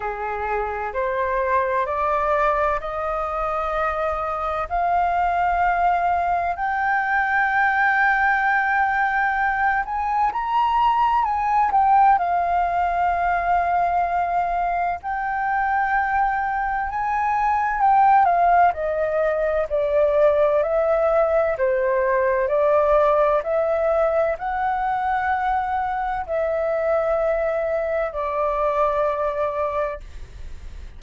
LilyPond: \new Staff \with { instrumentName = "flute" } { \time 4/4 \tempo 4 = 64 gis'4 c''4 d''4 dis''4~ | dis''4 f''2 g''4~ | g''2~ g''8 gis''8 ais''4 | gis''8 g''8 f''2. |
g''2 gis''4 g''8 f''8 | dis''4 d''4 e''4 c''4 | d''4 e''4 fis''2 | e''2 d''2 | }